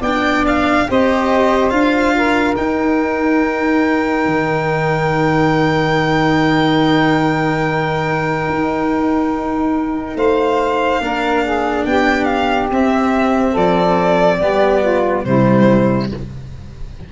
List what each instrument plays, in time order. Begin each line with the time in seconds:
0.00 tuba B3, cello D4, saxophone D5, violin G5
0.47 violin F5
0.88 tuba C4, cello G4, saxophone C5, violin D#5
1.70 tuba D4, cello F4, violin F5
2.17 saxophone A#4
2.57 tuba D#4, cello D#4, violin G5
4.26 tuba D#3
8.49 tuba D#4
10.15 tuba A3, saxophone C5, violin F5
11.01 tuba A#3, cello D4, saxophone A#4
11.44 saxophone G#4
11.85 tuba B3, saxophone G4, violin G5
12.25 violin F5
12.71 tuba C4, cello C4, violin E5
13.52 tuba F3, saxophone A4, violin D5
14.39 tuba G3, cello B3, saxophone G4
14.81 saxophone F4
15.24 tuba C3, cello G3, saxophone E4, violin C5